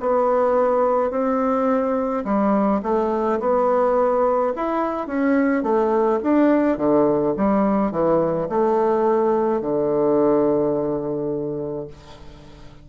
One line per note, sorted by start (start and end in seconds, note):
0.00 1.11 B3
1.11 2.24 C4
2.25 2.81 G3
2.83 3.39 A3
3.40 4.53 B3
4.56 5.07 E4
5.07 5.63 C#4
5.63 6.20 A3
6.23 6.78 D4
6.78 7.34 D3
7.37 7.91 G3
7.91 8.48 E3
8.49 9.61 A3
9.61 11.88 D3